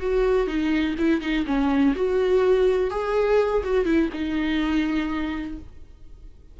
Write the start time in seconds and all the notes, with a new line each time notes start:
0.00 F#4
0.47 D#4
0.99 E4
1.21 D#4
1.46 C#4
1.96 F#4
2.91 G#4
3.64 F#4
3.85 E4
4.13 D#4